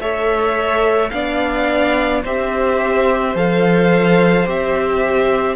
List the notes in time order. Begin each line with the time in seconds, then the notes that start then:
0.00 A3 A4 C#5 E5
1.10 B3 D4 D5 F5
2.23 C4 G4 C5 E5
3.35 F3 A4 F5
4.46 C4 G4 E5